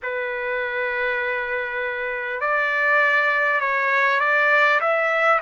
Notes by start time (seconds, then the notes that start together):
0.02 B4
2.40 D5
3.60 C#5
4.20 D5
4.80 E5